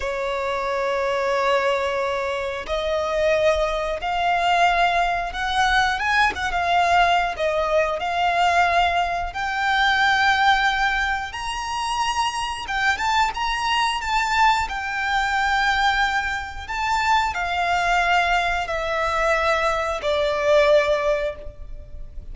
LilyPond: \new Staff \with { instrumentName = "violin" } { \time 4/4 \tempo 4 = 90 cis''1 | dis''2 f''2 | fis''4 gis''8 fis''16 f''4~ f''16 dis''4 | f''2 g''2~ |
g''4 ais''2 g''8 a''8 | ais''4 a''4 g''2~ | g''4 a''4 f''2 | e''2 d''2 | }